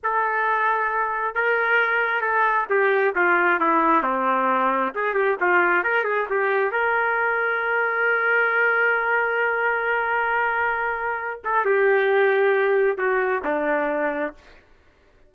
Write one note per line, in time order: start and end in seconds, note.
0.03 1.34 A4
1.34 2.21 A#4
2.21 2.66 A4
2.69 3.14 G4
3.15 3.59 F4
3.59 4.02 E4
4.02 4.92 C4
4.94 5.14 G#4
5.14 5.36 G4
5.40 5.83 F4
5.83 6.04 A#4
6.04 6.26 G#4
6.29 6.71 G4
6.71 11.41 A#4
11.44 11.65 A4
11.65 12.97 G4
12.97 13.42 F#4
13.44 14.33 D4